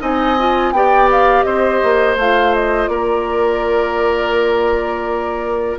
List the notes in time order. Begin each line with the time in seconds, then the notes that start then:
0.00 C4 D#4 D#5 G#5
0.38 F4
0.72 B3 G4 D5 G5
1.11 F5
1.43 C4 C5 D#5
1.83 A#3
2.16 A3 F4 F5
2.54 D#5
2.87 A#3 A#4 D5